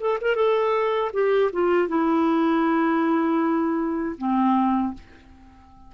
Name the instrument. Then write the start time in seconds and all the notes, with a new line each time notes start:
clarinet
0.00 A4
0.21 A#4
0.36 A4
1.13 G4
1.53 F4
1.88 E4
4.18 C4